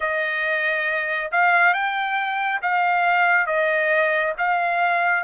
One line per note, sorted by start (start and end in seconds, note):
0.00 1.30 D#5
1.31 1.73 F5
1.73 2.60 G5
2.61 3.46 F5
3.46 4.33 D#5
4.38 5.23 F5